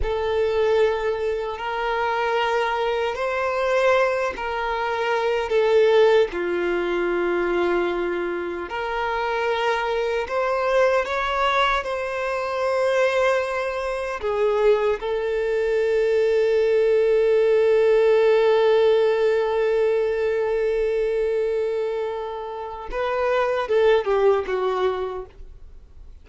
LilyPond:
\new Staff \with { instrumentName = "violin" } { \time 4/4 \tempo 4 = 76 a'2 ais'2 | c''4. ais'4. a'4 | f'2. ais'4~ | ais'4 c''4 cis''4 c''4~ |
c''2 gis'4 a'4~ | a'1~ | a'1~ | a'4 b'4 a'8 g'8 fis'4 | }